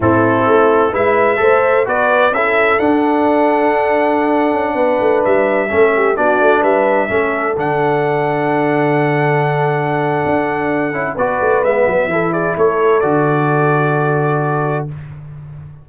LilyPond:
<<
  \new Staff \with { instrumentName = "trumpet" } { \time 4/4 \tempo 4 = 129 a'2 e''2 | d''4 e''4 fis''2~ | fis''2.~ fis''16 e''8.~ | e''4~ e''16 d''4 e''4.~ e''16~ |
e''16 fis''2.~ fis''8.~ | fis''1 | d''4 e''4. d''8 cis''4 | d''1 | }
  \new Staff \with { instrumentName = "horn" } { \time 4/4 e'2 b'4 c''4 | b'4 a'2.~ | a'2~ a'16 b'4.~ b'16~ | b'16 a'8 g'8 fis'4 b'4 a'8.~ |
a'1~ | a'1 | b'2 a'8 gis'8 a'4~ | a'1 | }
  \new Staff \with { instrumentName = "trombone" } { \time 4/4 c'2 e'4 a'4 | fis'4 e'4 d'2~ | d'1~ | d'16 cis'4 d'2 cis'8.~ |
cis'16 d'2.~ d'8.~ | d'2.~ d'8 e'8 | fis'4 b4 e'2 | fis'1 | }
  \new Staff \with { instrumentName = "tuba" } { \time 4/4 a,4 a4 gis4 a4 | b4 cis'4 d'2~ | d'4.~ d'16 cis'8 b8 a8 g8.~ | g16 a4 b8 a8 g4 a8.~ |
a16 d2.~ d8.~ | d2 d'4. cis'8 | b8 a8 gis8 fis8 e4 a4 | d1 | }
>>